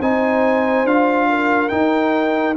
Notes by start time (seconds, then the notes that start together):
0.00 C4 D#4 C5 G#5
0.84 D4 F4 F5
1.29 A#4
1.69 D#4 G5